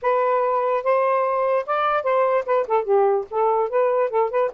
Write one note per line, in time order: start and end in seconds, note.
0.02 0.83 B4
0.83 1.65 C5
1.66 2.03 D5
2.03 2.44 C5
2.45 2.66 B4
2.67 2.84 A4
2.84 3.25 G4
3.30 3.69 A4
3.69 4.09 B4
4.09 4.30 A4
4.30 4.50 B4